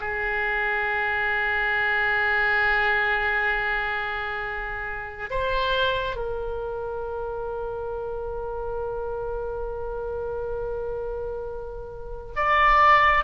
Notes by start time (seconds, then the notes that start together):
0.00 G#4
5.30 C5
6.16 A#4
12.35 D5